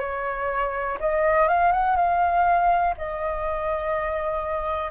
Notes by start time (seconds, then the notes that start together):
0.00 C#5
1.01 D#5
1.48 F5
1.73 F#5
1.96 F5
2.98 D#5